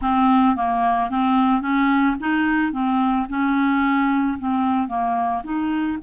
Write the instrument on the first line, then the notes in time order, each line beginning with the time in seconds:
clarinet
0.01 C4
0.56 A#3
1.10 C4
1.61 C#4
2.20 D#4
2.72 C4
3.29 C#4
4.38 C4
4.87 A#3
5.43 D#4